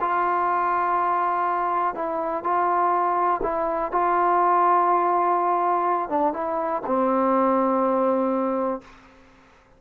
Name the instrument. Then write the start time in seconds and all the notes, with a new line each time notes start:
trombone
0.00 F4
1.94 E4
2.43 F4
3.43 E4
3.91 F4
6.09 D4
6.33 E4
6.86 C4